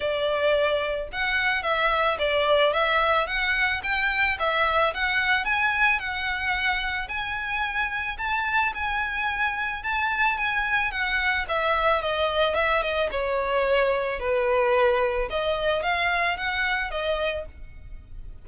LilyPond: \new Staff \with { instrumentName = "violin" } { \time 4/4 \tempo 4 = 110 d''2 fis''4 e''4 | d''4 e''4 fis''4 g''4 | e''4 fis''4 gis''4 fis''4~ | fis''4 gis''2 a''4 |
gis''2 a''4 gis''4 | fis''4 e''4 dis''4 e''8 dis''8 | cis''2 b'2 | dis''4 f''4 fis''4 dis''4 | }